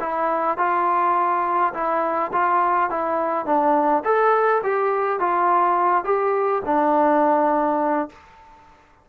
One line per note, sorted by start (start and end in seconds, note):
0.00 0.58 E4
0.58 1.73 F4
1.73 2.31 E4
2.32 2.90 F4
2.90 3.45 E4
3.45 4.03 D4
4.04 4.62 A4
4.63 5.19 G4
5.19 6.04 F4
6.04 6.62 G4
6.65 8.09 D4